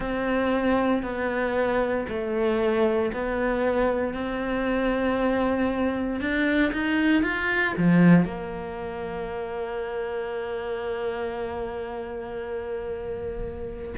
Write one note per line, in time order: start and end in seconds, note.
0.00 1.03 C4
1.03 2.06 B3
2.08 3.12 A3
3.13 4.13 B3
4.13 6.20 C4
6.20 6.71 D4
6.72 7.22 D#4
7.22 7.74 F4
7.77 8.25 F3
8.25 13.94 A#3